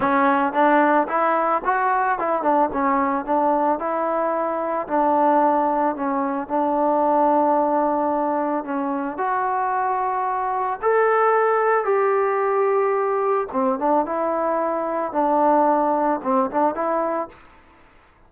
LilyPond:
\new Staff \with { instrumentName = "trombone" } { \time 4/4 \tempo 4 = 111 cis'4 d'4 e'4 fis'4 | e'8 d'8 cis'4 d'4 e'4~ | e'4 d'2 cis'4 | d'1 |
cis'4 fis'2. | a'2 g'2~ | g'4 c'8 d'8 e'2 | d'2 c'8 d'8 e'4 | }